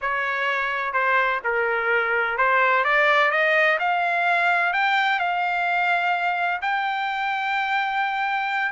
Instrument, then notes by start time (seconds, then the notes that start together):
trumpet
0.01 C#5
0.93 C5
1.43 A#4
2.37 C5
2.84 D5
3.31 D#5
3.79 F5
4.73 G5
5.19 F5
6.61 G5